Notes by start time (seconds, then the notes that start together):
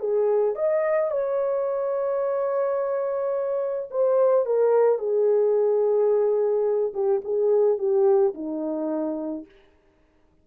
0.00 G#4
0.55 D#5
1.11 C#5
3.91 C5
4.46 A#4
4.99 G#4
6.94 G4
7.24 G#4
7.78 G4
8.34 D#4